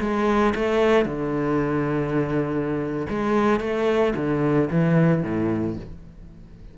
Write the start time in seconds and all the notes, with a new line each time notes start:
0.00 G#3
0.55 A3
1.05 D3
3.09 G#3
3.60 A3
4.16 D3
4.70 E3
5.23 A2